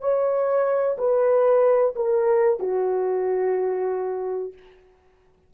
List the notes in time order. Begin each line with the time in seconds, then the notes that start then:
0.00 C#5
0.98 B4
1.96 A#4
2.59 F#4